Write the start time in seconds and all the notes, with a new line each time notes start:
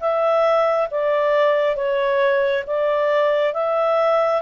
0.00 E5
0.91 D5
1.76 C#5
2.67 D5
3.54 E5